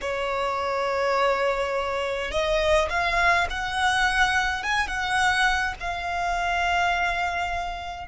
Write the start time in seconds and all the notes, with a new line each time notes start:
0.01 C#5
2.31 D#5
2.89 F5
3.49 F#5
4.63 G#5
4.87 F#5
5.80 F5